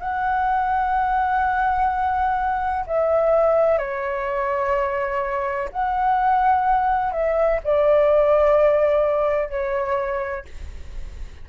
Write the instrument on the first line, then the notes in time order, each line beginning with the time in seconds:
flute
0.00 F#5
2.87 E5
3.78 C#5
5.72 F#5
7.13 E5
7.64 D5
9.50 C#5